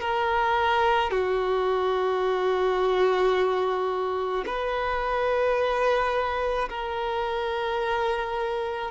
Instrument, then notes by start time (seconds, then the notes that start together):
violin
0.00 A#4
1.11 F#4
4.46 B4
6.69 A#4